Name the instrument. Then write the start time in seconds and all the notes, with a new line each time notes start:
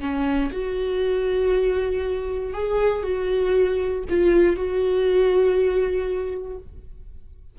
viola
0.00 C#4
0.52 F#4
2.53 G#4
3.03 F#4
4.09 F4
4.56 F#4